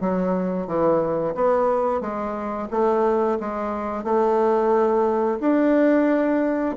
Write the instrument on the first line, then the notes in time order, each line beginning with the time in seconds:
bassoon
0.00 F#3
0.67 E3
1.35 B3
2.00 G#3
2.71 A3
3.40 G#3
4.04 A3
5.40 D4